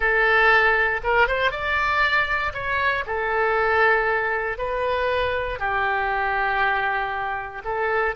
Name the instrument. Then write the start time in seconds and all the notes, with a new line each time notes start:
oboe
0.00 A4
1.03 A#4
1.27 C5
1.51 D5
2.53 C#5
3.06 A4
4.57 B4
5.59 G4
7.64 A4